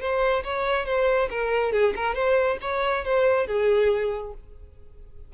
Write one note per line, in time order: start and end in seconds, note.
0.00 0.43 C5
0.44 0.85 C#5
0.85 1.29 C5
1.30 1.72 A#4
1.72 1.93 G#4
1.95 2.14 A#4
2.14 2.57 C5
2.61 3.04 C#5
3.04 3.46 C5
3.46 4.33 G#4